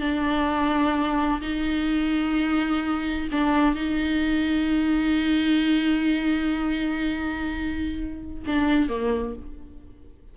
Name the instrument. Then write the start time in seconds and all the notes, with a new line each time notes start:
viola
0.00 D4
1.41 D#4
3.31 D4
3.75 D#4
8.47 D4
8.88 A#3